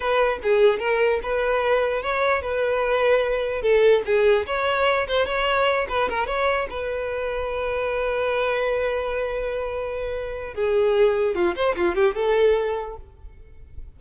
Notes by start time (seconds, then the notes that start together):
0.00 B4
0.42 G#4
0.79 A#4
1.22 B4
2.02 C#5
2.42 B4
3.62 A4
4.05 G#4
4.46 C#5
5.07 C5
5.26 C#5
5.89 B4
6.09 A#4
6.27 C#5
6.70 B4
10.54 G#4
11.35 F4
11.55 C5
11.76 F4
11.95 G4
12.15 A4